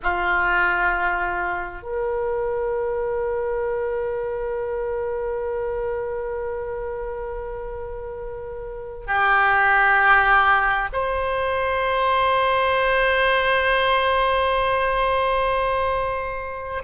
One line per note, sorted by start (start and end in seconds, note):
0.02 1.82 F4
1.82 9.06 A#4
9.06 10.88 G4
10.92 16.83 C5